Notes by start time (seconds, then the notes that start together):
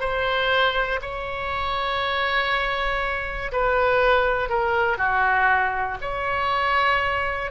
0.00 C5
1.01 C#5
3.52 B4
4.49 A#4
4.98 F#4
6.01 C#5